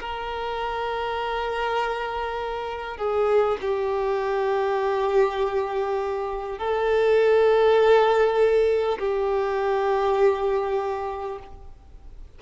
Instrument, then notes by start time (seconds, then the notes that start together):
violin
0.00 A#4
2.97 G#4
3.61 G4
6.58 A4
8.99 G4